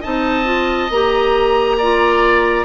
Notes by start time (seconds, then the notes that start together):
0.00 C4 D#4 D#5 A5
0.44 F4
0.90 A#3 G4 A#5
1.78 F4 D5